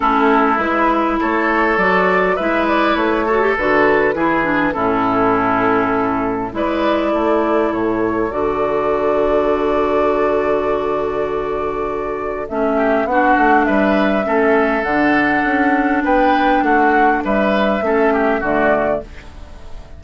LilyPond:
<<
  \new Staff \with { instrumentName = "flute" } { \time 4/4 \tempo 4 = 101 a'4 b'4 cis''4 d''4 | e''8 d''8 cis''4 b'2 | a'2. d''4~ | d''4 cis''4 d''2~ |
d''1~ | d''4 e''4 fis''4 e''4~ | e''4 fis''2 g''4 | fis''4 e''2 d''4 | }
  \new Staff \with { instrumentName = "oboe" } { \time 4/4 e'2 a'2 | b'4. a'4. gis'4 | e'2. b'4 | a'1~ |
a'1~ | a'4. g'8 fis'4 b'4 | a'2. b'4 | fis'4 b'4 a'8 g'8 fis'4 | }
  \new Staff \with { instrumentName = "clarinet" } { \time 4/4 cis'4 e'2 fis'4 | e'4. fis'16 g'16 fis'4 e'8 d'8 | cis'2. e'4~ | e'2 fis'2~ |
fis'1~ | fis'4 cis'4 d'2 | cis'4 d'2.~ | d'2 cis'4 a4 | }
  \new Staff \with { instrumentName = "bassoon" } { \time 4/4 a4 gis4 a4 fis4 | gis4 a4 d4 e4 | a,2. gis4 | a4 a,4 d2~ |
d1~ | d4 a4 b8 a8 g4 | a4 d4 cis'4 b4 | a4 g4 a4 d4 | }
>>